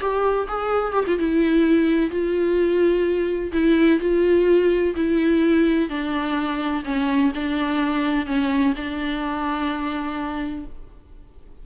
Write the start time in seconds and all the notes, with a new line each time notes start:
0.00 G4
0.48 G#4
0.93 G4
1.07 F4
1.19 E4
2.10 F4
3.52 E4
4.00 F4
4.95 E4
5.89 D4
6.85 C#4
7.35 D4
8.26 C#4
8.76 D4